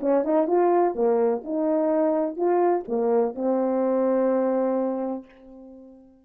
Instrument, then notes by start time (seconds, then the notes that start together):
horn
0.00 C#4
0.24 D#4
0.47 F4
0.94 A#3
1.44 D#4
2.36 F4
2.88 A#3
3.34 C4